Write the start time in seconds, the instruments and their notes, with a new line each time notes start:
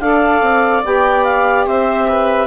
0.00 bassoon D4, saxophone A4, viola D5, clarinet F5
0.41 bassoon C4
0.84 bassoon B3, saxophone G4, clarinet G5
1.24 clarinet F5
1.66 bassoon C4, viola C5, clarinet E5
2.08 viola B4